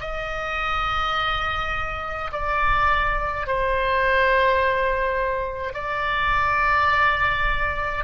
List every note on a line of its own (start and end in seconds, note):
0.00 2.31 D#5
2.32 3.47 D5
3.47 5.73 C5
5.73 8.04 D5